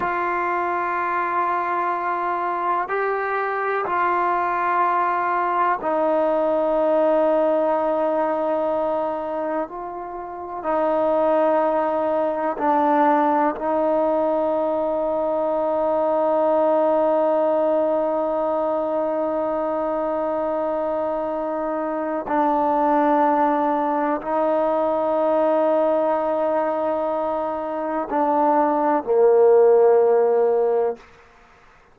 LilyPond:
\new Staff \with { instrumentName = "trombone" } { \time 4/4 \tempo 4 = 62 f'2. g'4 | f'2 dis'2~ | dis'2 f'4 dis'4~ | dis'4 d'4 dis'2~ |
dis'1~ | dis'2. d'4~ | d'4 dis'2.~ | dis'4 d'4 ais2 | }